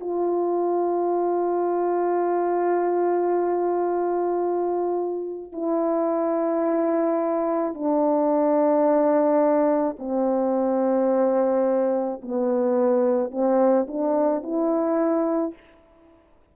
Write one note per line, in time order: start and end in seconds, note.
0.00 5.52 F4
5.52 7.74 E4
7.74 9.96 D4
9.98 12.21 C4
12.21 13.31 B3
13.31 13.86 C4
13.87 14.42 D4
14.42 15.54 E4